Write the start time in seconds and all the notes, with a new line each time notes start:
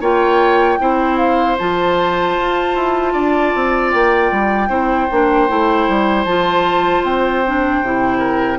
0.00 A#3 F4 C#5 G5
0.79 C4 E4 C5
1.17 F5
1.58 F3 F4 A5
2.36 F4
2.75 E4
3.12 D4 D5
3.54 C4
3.90 A#3 G5
4.31 G3
4.68 C4 E4 C5
5.11 A#3 D4
5.48 A3 E4
5.88 G3
6.24 F3 F4 A5
7.03 C4 G5
7.45 D4
7.82 C3 E4
8.18 A#4